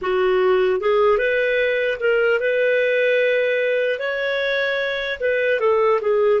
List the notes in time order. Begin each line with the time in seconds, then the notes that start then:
0.01 F#4
0.80 G#4
1.17 B4
2.00 A#4
2.40 B4
3.99 C#5
5.20 B4
5.60 A4
6.01 G#4